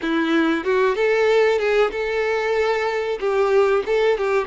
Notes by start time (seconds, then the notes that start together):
0.01 E4
0.64 F#4
0.95 A4
1.58 G#4
1.91 A4
3.19 G4
3.86 A4
4.17 G4